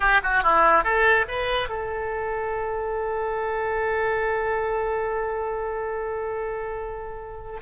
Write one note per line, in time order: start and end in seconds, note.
0.00 0.21 G4
0.23 0.43 F#4
0.43 0.84 E4
0.84 1.26 A4
1.28 1.68 B4
1.68 7.60 A4